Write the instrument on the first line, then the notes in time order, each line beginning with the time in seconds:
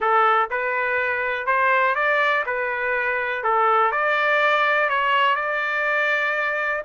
trumpet
0.00 A4
0.50 B4
1.46 C5
1.95 D5
2.45 B4
3.43 A4
3.91 D5
4.89 C#5
5.35 D5